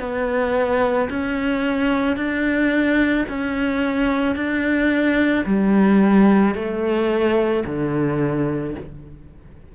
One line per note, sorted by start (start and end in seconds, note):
0.00 1.09 B3
1.10 2.17 C#4
2.17 3.26 D4
3.29 4.36 C#4
4.36 5.45 D4
5.46 6.55 G3
6.55 7.64 A3
7.66 8.75 D3